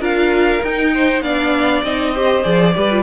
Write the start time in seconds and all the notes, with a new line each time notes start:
0.00 D4 F4 A#4 F5
0.63 D#4 G5
0.95 C5
1.22 B3 D4 D5 F5
1.84 C4 D#4 D#5
2.14 G4 C5
2.44 F3 G#4 D5
2.75 G3 G4 B4
2.91 F4